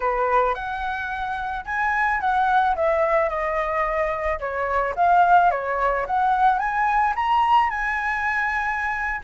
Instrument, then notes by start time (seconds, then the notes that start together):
flute
0.00 B4
0.54 F#5
1.65 G#5
2.20 F#5
2.75 E5
3.29 D#5
4.39 C#5
4.95 F5
5.50 C#5
6.06 F#5
6.59 G#5
7.15 A#5
7.69 G#5